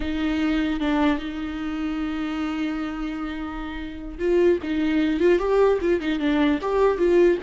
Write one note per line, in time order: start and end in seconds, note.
0.00 0.79 D#4
0.80 1.18 D4
1.18 4.18 D#4
4.18 4.58 F4
4.62 5.20 D#4
5.20 5.38 F4
5.38 5.78 G4
5.81 6.00 F4
6.00 6.19 D#4
6.19 6.59 D4
6.61 6.98 G4
6.98 7.38 F4